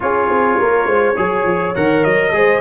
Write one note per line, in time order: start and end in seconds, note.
0.00 0.30 C#4
0.00 1.15 F4
0.00 0.58 G#4
0.00 1.75 C#5
0.30 0.59 C4
0.58 0.86 A#3
0.58 0.87 A#4
0.86 1.15 G#3
0.86 1.16 C5
1.16 1.44 F#3
1.16 1.74 G#4
1.16 2.33 C#5
1.44 1.73 F3
1.75 2.04 D#3
1.75 2.33 A#4
1.75 2.04 F#5
2.04 2.30 F#3
2.04 2.61 D#5
2.30 2.60 G#3
2.30 2.61 G#4
2.30 2.61 C5